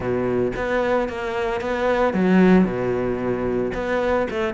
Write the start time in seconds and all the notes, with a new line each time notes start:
0.00 B2
0.56 B3
1.08 A#3
1.60 B3
2.13 F#3
2.64 B2
3.74 B3
4.30 A3